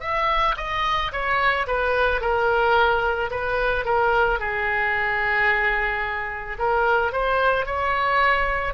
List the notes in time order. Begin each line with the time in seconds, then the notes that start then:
0.00 E5
0.57 D#5
1.12 C#5
1.67 B4
2.21 A#4
3.31 B4
3.85 A#4
4.39 G#4
6.59 A#4
7.12 C5
7.66 C#5